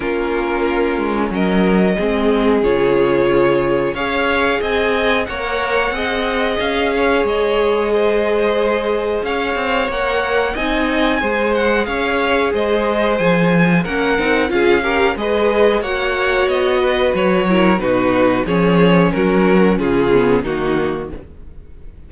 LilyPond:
<<
  \new Staff \with { instrumentName = "violin" } { \time 4/4 \tempo 4 = 91 ais'2 dis''2 | cis''2 f''4 gis''4 | fis''2 f''4 dis''4~ | dis''2 f''4 fis''4 |
gis''4. fis''8 f''4 dis''4 | gis''4 fis''4 f''4 dis''4 | fis''4 dis''4 cis''4 b'4 | cis''4 ais'4 gis'4 fis'4 | }
  \new Staff \with { instrumentName = "violin" } { \time 4/4 f'2 ais'4 gis'4~ | gis'2 cis''4 dis''4 | cis''4 dis''4. cis''4. | c''2 cis''2 |
dis''4 c''4 cis''4 c''4~ | c''4 ais'4 gis'8 ais'8 b'4 | cis''4. b'4 ais'8 fis'4 | gis'4 fis'4 f'4 dis'4 | }
  \new Staff \with { instrumentName = "viola" } { \time 4/4 cis'2. c'4 | f'2 gis'2 | ais'4 gis'2.~ | gis'2. ais'4 |
dis'4 gis'2.~ | gis'4 cis'8 dis'8 f'8 g'8 gis'4 | fis'2~ fis'8 e'8 dis'4 | cis'2~ cis'8 b8 ais4 | }
  \new Staff \with { instrumentName = "cello" } { \time 4/4 ais4. gis8 fis4 gis4 | cis2 cis'4 c'4 | ais4 c'4 cis'4 gis4~ | gis2 cis'8 c'8 ais4 |
c'4 gis4 cis'4 gis4 | f4 ais8 c'8 cis'4 gis4 | ais4 b4 fis4 b,4 | f4 fis4 cis4 dis4 | }
>>